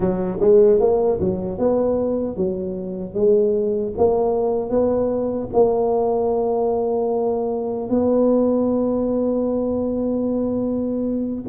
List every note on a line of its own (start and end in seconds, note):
0.00 0.38 F#3
0.40 0.80 G#3
0.80 1.19 A#3
1.19 1.58 F#3
1.58 2.36 B3
2.36 3.14 F#3
3.14 3.93 G#3
3.97 4.70 A#3
4.70 5.49 B3
5.53 7.89 A#3
7.89 11.45 B3